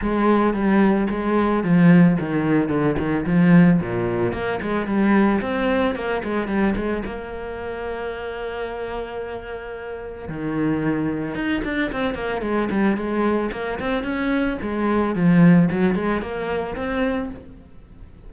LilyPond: \new Staff \with { instrumentName = "cello" } { \time 4/4 \tempo 4 = 111 gis4 g4 gis4 f4 | dis4 d8 dis8 f4 ais,4 | ais8 gis8 g4 c'4 ais8 gis8 | g8 gis8 ais2.~ |
ais2. dis4~ | dis4 dis'8 d'8 c'8 ais8 gis8 g8 | gis4 ais8 c'8 cis'4 gis4 | f4 fis8 gis8 ais4 c'4 | }